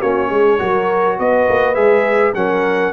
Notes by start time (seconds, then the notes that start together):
0.00 A#3 C#4 F#4 C#5
0.30 G#3 G#4
0.59 F#3 F#4 A#4
1.19 B3 B4 D#5
1.49 A#3
1.75 G#3 G#4 E5
2.35 F#3 C#4 A#4 F#5